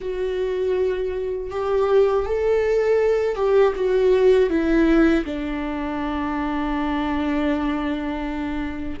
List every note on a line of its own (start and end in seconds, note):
0.00 1.50 F#4
1.50 2.25 G4
2.25 3.35 A4
3.35 3.73 G4
3.75 4.49 F#4
4.49 5.24 E4
5.24 8.99 D4